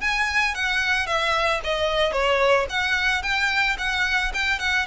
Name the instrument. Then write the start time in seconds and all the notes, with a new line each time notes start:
violin
0.00 G#5
0.54 F#5
1.06 E5
1.63 D#5
2.12 C#5
2.69 F#5
3.22 G5
3.78 F#5
4.33 G5
4.59 F#5